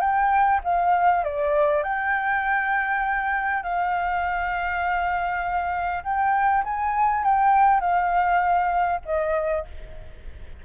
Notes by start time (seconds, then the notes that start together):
0.00 G5
0.64 F5
1.24 D5
1.83 G5
3.63 F5
6.04 G5
6.64 G#5
7.24 G5
7.80 F5
9.05 D#5